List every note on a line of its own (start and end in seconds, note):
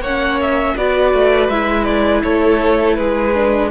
0.00 0.74 A#3
0.00 0.78 C#4
0.00 0.75 C#5
0.00 0.40 F#5
0.41 0.77 E5
0.76 1.13 B3
0.76 1.51 F#4
0.76 2.23 B4
0.76 1.49 D5
1.13 1.48 A3
1.48 2.23 G#3
1.48 3.34 E4
1.48 1.84 E5
1.84 2.21 D5
2.22 2.98 A3
2.22 2.97 A4
2.22 2.95 C#5
2.95 3.71 G#3
2.95 3.71 G#4
2.95 3.69 B4
3.34 3.71 D4